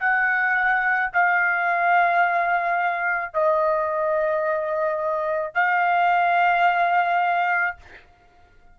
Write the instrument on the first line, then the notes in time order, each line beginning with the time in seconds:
trumpet
0.00 F#5
1.13 F5
3.33 D#5
5.55 F5